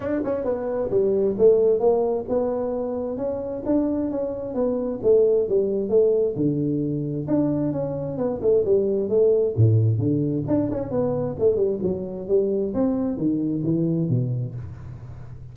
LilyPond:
\new Staff \with { instrumentName = "tuba" } { \time 4/4 \tempo 4 = 132 d'8 cis'8 b4 g4 a4 | ais4 b2 cis'4 | d'4 cis'4 b4 a4 | g4 a4 d2 |
d'4 cis'4 b8 a8 g4 | a4 a,4 d4 d'8 cis'8 | b4 a8 g8 fis4 g4 | c'4 dis4 e4 b,4 | }